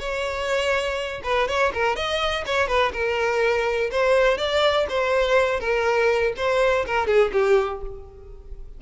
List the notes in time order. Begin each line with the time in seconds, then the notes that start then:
0.00 C#5
1.24 B4
1.48 C#5
1.74 A#4
1.96 D#5
2.46 C#5
2.68 B4
2.93 A#4
3.92 C5
4.38 D5
4.89 C5
5.60 A#4
6.37 C5
6.86 A#4
7.07 G#4
7.33 G4